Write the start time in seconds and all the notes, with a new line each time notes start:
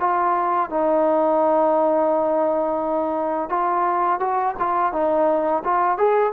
0.00 F4
0.70 D#4
3.50 F4
4.20 F#4
4.59 F4
4.93 D#4
5.65 F4
5.98 G#4